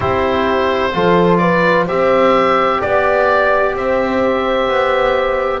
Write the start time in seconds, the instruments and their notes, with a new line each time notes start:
0.00 double bass C4, trombone E4, horn G4, oboe C5
0.93 double bass F3, trombone F4, horn A4
1.37 horn B4, oboe D5
1.85 double bass C4, trombone G4, horn C5, oboe E5
2.80 double bass B3, horn D5, oboe D5
3.74 double bass C4, horn C5, oboe E5
4.68 double bass B3